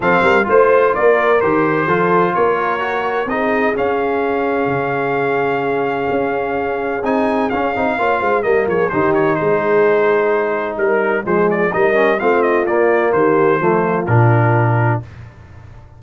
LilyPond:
<<
  \new Staff \with { instrumentName = "trumpet" } { \time 4/4 \tempo 4 = 128 f''4 c''4 d''4 c''4~ | c''4 cis''2 dis''4 | f''1~ | f''2. gis''4 |
f''2 dis''8 cis''8 c''8 cis''8 | c''2. ais'4 | c''8 d''8 dis''4 f''8 dis''8 d''4 | c''2 ais'2 | }
  \new Staff \with { instrumentName = "horn" } { \time 4/4 a'8 ais'8 c''4 ais'2 | a'4 ais'2 gis'4~ | gis'1~ | gis'1~ |
gis'4 cis''8 c''8 ais'8 gis'8 g'4 | gis'2. ais'4 | gis'4 ais'4 f'2 | g'4 f'2. | }
  \new Staff \with { instrumentName = "trombone" } { \time 4/4 c'4 f'2 g'4 | f'2 fis'4 dis'4 | cis'1~ | cis'2. dis'4 |
cis'8 dis'8 f'4 ais4 dis'4~ | dis'1 | gis4 dis'8 cis'8 c'4 ais4~ | ais4 a4 d'2 | }
  \new Staff \with { instrumentName = "tuba" } { \time 4/4 f8 g8 a4 ais4 dis4 | f4 ais2 c'4 | cis'2 cis2~ | cis4 cis'2 c'4 |
cis'8 c'8 ais8 gis8 g8 f8 dis4 | gis2. g4 | f4 g4 a4 ais4 | dis4 f4 ais,2 | }
>>